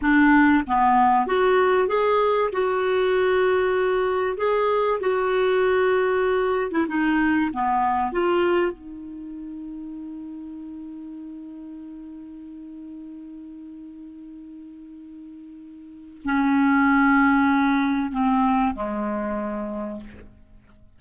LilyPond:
\new Staff \with { instrumentName = "clarinet" } { \time 4/4 \tempo 4 = 96 d'4 b4 fis'4 gis'4 | fis'2. gis'4 | fis'2~ fis'8. e'16 dis'4 | b4 f'4 dis'2~ |
dis'1~ | dis'1~ | dis'2 cis'2~ | cis'4 c'4 gis2 | }